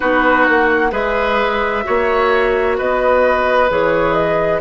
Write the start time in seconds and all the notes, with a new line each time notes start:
0.00 B3 D#4 F#4 B4
0.45 A#3 F#5
0.91 G#3 G#4 B4 E5
1.83 A#3 F#4 C#5
2.77 B3 B4 D#5
3.69 E3 G#4 C#5
4.13 D#5